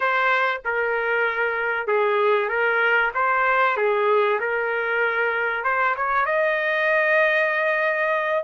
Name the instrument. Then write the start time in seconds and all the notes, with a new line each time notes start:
trumpet
0.00 C5
0.64 A#4
1.87 G#4
2.48 A#4
3.14 C5
3.77 G#4
4.39 A#4
5.64 C5
5.96 C#5
6.25 D#5